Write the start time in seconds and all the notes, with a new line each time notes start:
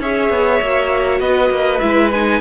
0.00 C#4 G#4 C#5 E5
0.30 B3
0.62 A#3 F#4
1.20 B3 B4 D#5
1.51 A#3
1.81 G#3 E4 E5
2.12 D#4 G#5